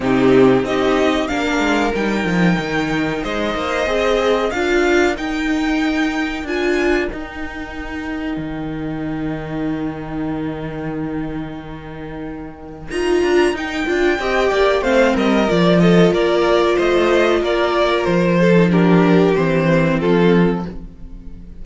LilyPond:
<<
  \new Staff \with { instrumentName = "violin" } { \time 4/4 \tempo 4 = 93 g'4 dis''4 f''4 g''4~ | g''4 dis''2 f''4 | g''2 gis''4 g''4~ | g''1~ |
g''1 | ais''4 g''2 f''8 dis''8 | d''8 dis''8 d''4 dis''4 d''4 | c''4 ais'4 c''4 a'4 | }
  \new Staff \with { instrumentName = "violin" } { \time 4/4 dis'4 g'4 ais'2~ | ais'4 c''2 ais'4~ | ais'1~ | ais'1~ |
ais'1~ | ais'2 dis''8 d''8 c''8 ais'8~ | ais'8 a'8 ais'4 c''4 ais'4~ | ais'8 a'8 g'2 f'4 | }
  \new Staff \with { instrumentName = "viola" } { \time 4/4 c'4 dis'4 d'4 dis'4~ | dis'2 gis'4 f'4 | dis'2 f'4 dis'4~ | dis'1~ |
dis'1 | f'4 dis'8 f'8 g'4 c'4 | f'1~ | f'8. dis'16 d'4 c'2 | }
  \new Staff \with { instrumentName = "cello" } { \time 4/4 c4 c'4 ais8 gis8 g8 f8 | dis4 gis8 ais8 c'4 d'4 | dis'2 d'4 dis'4~ | dis'4 dis2.~ |
dis1 | dis'8 d'8 dis'8 d'8 c'8 ais8 a8 g8 | f4 ais4 a4 ais4 | f2 e4 f4 | }
>>